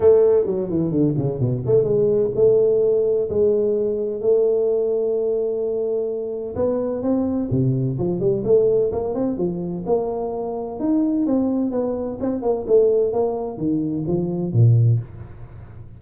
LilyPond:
\new Staff \with { instrumentName = "tuba" } { \time 4/4 \tempo 4 = 128 a4 fis8 e8 d8 cis8 b,8 a8 | gis4 a2 gis4~ | gis4 a2.~ | a2 b4 c'4 |
c4 f8 g8 a4 ais8 c'8 | f4 ais2 dis'4 | c'4 b4 c'8 ais8 a4 | ais4 dis4 f4 ais,4 | }